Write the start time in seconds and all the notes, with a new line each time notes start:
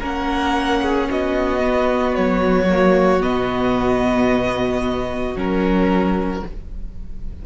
0.00 A#3 C#4 A#4 F#5
0.82 G#4
1.10 B3 F#4 D#5
1.59 B3
2.15 F#3 C#5
2.69 A#3
3.21 B2 B3 D#5
5.35 F#3 C#4 A#4